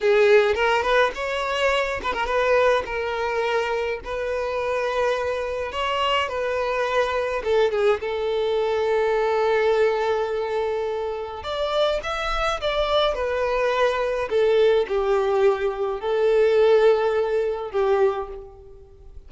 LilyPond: \new Staff \with { instrumentName = "violin" } { \time 4/4 \tempo 4 = 105 gis'4 ais'8 b'8 cis''4. b'16 ais'16 | b'4 ais'2 b'4~ | b'2 cis''4 b'4~ | b'4 a'8 gis'8 a'2~ |
a'1 | d''4 e''4 d''4 b'4~ | b'4 a'4 g'2 | a'2. g'4 | }